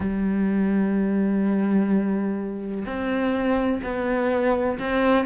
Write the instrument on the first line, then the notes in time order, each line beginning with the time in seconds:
cello
0.00 G3
2.86 C4
3.83 B3
4.78 C4